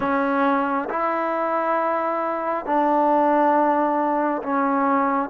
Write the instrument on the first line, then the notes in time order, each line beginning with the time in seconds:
trombone
0.00 C#4
0.89 E4
2.65 D4
4.42 C#4